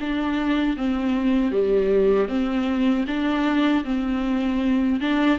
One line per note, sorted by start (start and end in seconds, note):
0.00 0.77 D4
0.77 1.52 C4
1.52 2.28 G3
2.28 3.05 C4
3.07 3.84 D4
3.85 5.00 C4
5.00 5.38 D4